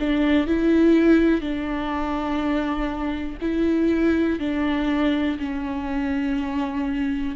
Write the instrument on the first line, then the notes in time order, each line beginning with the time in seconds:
viola
0.00 D4
0.47 E4
1.41 D4
3.41 E4
4.39 D4
5.39 C#4